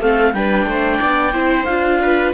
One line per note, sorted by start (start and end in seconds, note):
0.00 0.33 A3
0.00 0.34 C4
0.00 0.34 A4
0.00 0.33 F5
0.33 0.66 G3
0.33 1.33 D4
0.33 0.68 B4
0.33 1.64 G5
0.66 0.99 A3
0.66 0.99 C5
0.99 1.34 B3
0.99 1.32 D5
1.33 1.67 C4
1.33 1.66 E4
1.33 1.99 C5
1.64 2.33 D4
1.64 2.33 F4
1.64 2.31 F5
2.02 2.33 B4